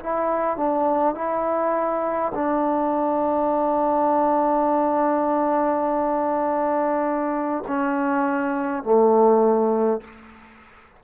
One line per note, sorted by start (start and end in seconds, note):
0.00 0.57 E4
0.57 1.14 D4
1.14 2.32 E4
2.34 7.64 D4
7.67 8.83 C#4
8.83 10.01 A3